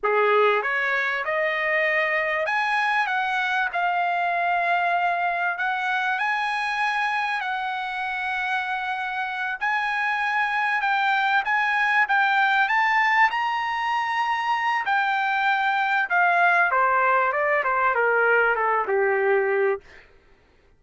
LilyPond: \new Staff \with { instrumentName = "trumpet" } { \time 4/4 \tempo 4 = 97 gis'4 cis''4 dis''2 | gis''4 fis''4 f''2~ | f''4 fis''4 gis''2 | fis''2.~ fis''8 gis''8~ |
gis''4. g''4 gis''4 g''8~ | g''8 a''4 ais''2~ ais''8 | g''2 f''4 c''4 | d''8 c''8 ais'4 a'8 g'4. | }